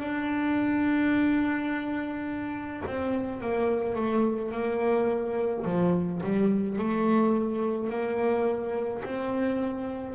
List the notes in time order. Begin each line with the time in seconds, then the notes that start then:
0.00 D4
2.87 C4
3.41 A#3
3.96 A3
4.52 A#3
5.65 F3
6.24 G3
6.79 A3
7.90 A#3
9.05 C4